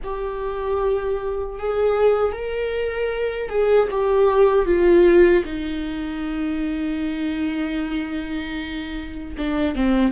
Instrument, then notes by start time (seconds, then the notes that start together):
viola
0.03 G4
1.59 G#4
2.32 A#4
3.49 G#4
3.90 G4
4.65 F4
5.44 D#4
9.37 D4
9.75 C4